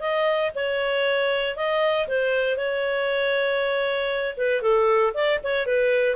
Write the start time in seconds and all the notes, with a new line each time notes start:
0.00 D#5
0.55 C#5
1.56 D#5
2.08 C5
2.57 C#5
4.37 B4
4.62 A4
5.14 D5
5.43 C#5
5.66 B4